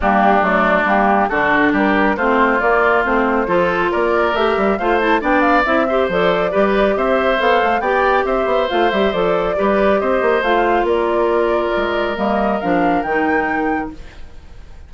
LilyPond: <<
  \new Staff \with { instrumentName = "flute" } { \time 4/4 \tempo 4 = 138 g'4 d''4 g'4 a'4 | ais'4 c''4 d''4 c''4~ | c''4 d''4 e''4 f''8 a''8 | g''8 f''8 e''4 d''2 |
e''4 f''4 g''4 e''4 | f''8 e''8 d''2 dis''4 | f''4 d''2. | dis''4 f''4 g''2 | }
  \new Staff \with { instrumentName = "oboe" } { \time 4/4 d'2. fis'4 | g'4 f'2. | a'4 ais'2 c''4 | d''4. c''4. b'4 |
c''2 d''4 c''4~ | c''2 b'4 c''4~ | c''4 ais'2.~ | ais'1 | }
  \new Staff \with { instrumentName = "clarinet" } { \time 4/4 ais4 a4 ais4 d'4~ | d'4 c'4 ais4 c'4 | f'2 g'4 f'8 e'8 | d'4 e'8 g'8 a'4 g'4~ |
g'4 a'4 g'2 | f'8 g'8 a'4 g'2 | f'1 | ais4 d'4 dis'2 | }
  \new Staff \with { instrumentName = "bassoon" } { \time 4/4 g4 fis4 g4 d4 | g4 a4 ais4 a4 | f4 ais4 a8 g8 a4 | b4 c'4 f4 g4 |
c'4 b8 a8 b4 c'8 b8 | a8 g8 f4 g4 c'8 ais8 | a4 ais2 gis4 | g4 f4 dis2 | }
>>